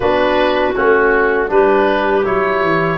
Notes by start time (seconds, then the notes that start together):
0.00 B3 D4 F#4 B4
0.74 A3 C#4 F#4
1.48 G3 D4 G4 B4
2.24 F#3 E4 C#5
2.61 E3